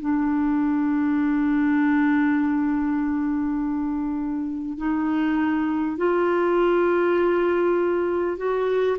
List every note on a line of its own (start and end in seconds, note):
0.00 4.78 D4
4.78 5.97 D#4
5.97 8.37 F4
8.37 8.97 F#4